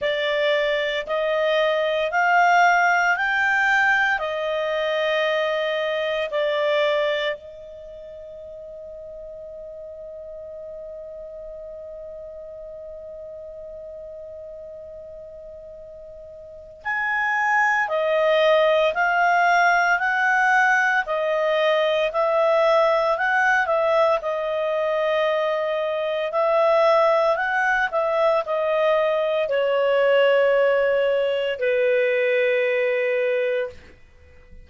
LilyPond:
\new Staff \with { instrumentName = "clarinet" } { \time 4/4 \tempo 4 = 57 d''4 dis''4 f''4 g''4 | dis''2 d''4 dis''4~ | dis''1~ | dis''1 |
gis''4 dis''4 f''4 fis''4 | dis''4 e''4 fis''8 e''8 dis''4~ | dis''4 e''4 fis''8 e''8 dis''4 | cis''2 b'2 | }